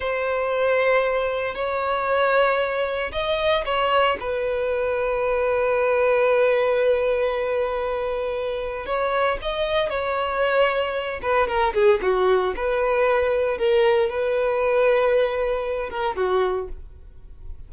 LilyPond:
\new Staff \with { instrumentName = "violin" } { \time 4/4 \tempo 4 = 115 c''2. cis''4~ | cis''2 dis''4 cis''4 | b'1~ | b'1~ |
b'4 cis''4 dis''4 cis''4~ | cis''4. b'8 ais'8 gis'8 fis'4 | b'2 ais'4 b'4~ | b'2~ b'8 ais'8 fis'4 | }